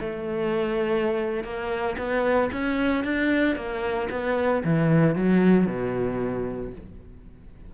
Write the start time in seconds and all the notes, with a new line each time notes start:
0.00 A3
1.44 A#3
1.97 B3
2.52 C#4
3.04 D4
3.56 A#3
4.10 B3
4.64 E3
5.15 F#3
5.66 B2